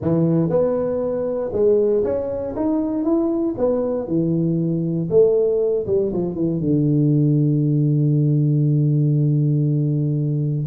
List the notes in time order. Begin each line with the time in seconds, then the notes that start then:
0.01 E3
0.49 B3
1.52 G#3
2.04 C#4
2.55 D#4
3.04 E4
3.57 B3
4.07 E3
5.09 A3
5.86 G3
6.13 F3
6.34 E3
6.60 D3